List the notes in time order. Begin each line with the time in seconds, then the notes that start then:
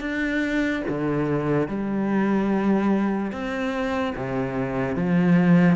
0.00 D4
0.88 D3
1.68 G3
3.31 C4
4.16 C3
4.95 F3